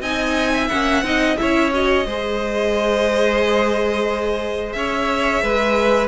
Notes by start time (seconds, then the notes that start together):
0.00 C4 D#4 D#5 G#5
0.53 E5
0.68 A#3 C#4 F#5
1.02 C4 D#4 D#5
1.37 C#4 E4 C#5 E5
1.73 F#4 D#5
2.05 G#3 G#4 C5
4.72 C#4 C#5 E5
5.42 G#3 B4